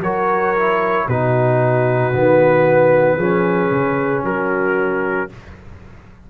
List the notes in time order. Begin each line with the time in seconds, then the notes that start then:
0.00 F#3 F#4 A#4 C#5
0.56 E4
1.06 B2 D#4 F#4 B4
2.13 D#3 B3
3.16 F3 C#4 G#4
3.71 C#3
4.23 F#3 F#4 A#4